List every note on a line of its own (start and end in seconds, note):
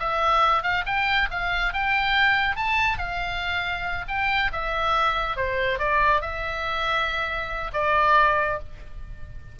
0.00 0.63 E5
0.63 0.85 F5
0.86 1.29 G5
1.31 1.74 F5
1.74 2.56 G5
2.56 2.98 A5
2.98 4.05 F5
4.09 4.51 G5
4.53 5.36 E5
5.36 5.79 C5
5.79 6.22 D5
6.22 7.72 E5
7.74 8.59 D5